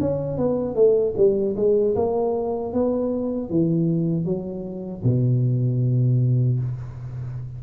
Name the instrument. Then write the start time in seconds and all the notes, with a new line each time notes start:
tuba
0.00 C#4
0.38 B3
0.75 A3
1.17 G3
1.56 G#3
1.96 A#3
2.73 B3
3.50 E3
4.25 F#3
5.04 B2